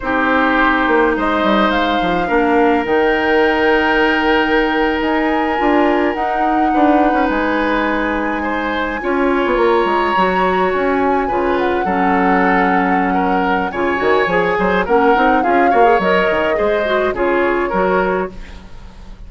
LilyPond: <<
  \new Staff \with { instrumentName = "flute" } { \time 4/4 \tempo 4 = 105 c''2 dis''4 f''4~ | f''4 g''2.~ | g''8. gis''2 fis''4~ fis''16~ | fis''8. gis''2.~ gis''16~ |
gis''8. ais''2 gis''4~ gis''16~ | gis''16 fis''2.~ fis''8. | gis''2 fis''4 f''4 | dis''2 cis''2 | }
  \new Staff \with { instrumentName = "oboe" } { \time 4/4 g'2 c''2 | ais'1~ | ais'2.~ ais'8. b'16~ | b'2~ b'8. c''4 cis''16~ |
cis''2.~ cis''8. b'16~ | b'8. a'2~ a'16 ais'4 | cis''4. c''8 ais'4 gis'8 cis''8~ | cis''4 c''4 gis'4 ais'4 | }
  \new Staff \with { instrumentName = "clarinet" } { \time 4/4 dis'1 | d'4 dis'2.~ | dis'4.~ dis'16 f'4 dis'4~ dis'16~ | dis'2.~ dis'8. f'16~ |
f'4.~ f'16 fis'2 f'16~ | f'8. cis'2.~ cis'16 | f'8 fis'8 gis'4 cis'8 dis'8 f'8 fis'16 gis'16 | ais'4 gis'8 fis'8 f'4 fis'4 | }
  \new Staff \with { instrumentName = "bassoon" } { \time 4/4 c'4. ais8 gis8 g8 gis8 f8 | ais4 dis2.~ | dis8. dis'4 d'4 dis'4 d'16~ | d'8 cis'16 gis2. cis'16~ |
cis'8 b16 ais8 gis8 fis4 cis'4 cis16~ | cis8. fis2.~ fis16 | cis8 dis8 f8 fis8 ais8 c'8 cis'8 ais8 | fis8 dis8 gis4 cis4 fis4 | }
>>